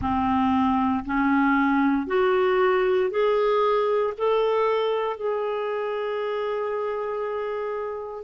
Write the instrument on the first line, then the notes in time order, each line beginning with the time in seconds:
clarinet
0.00 C4
1.05 C#4
2.06 F#4
3.10 G#4
4.17 A4
5.16 G#4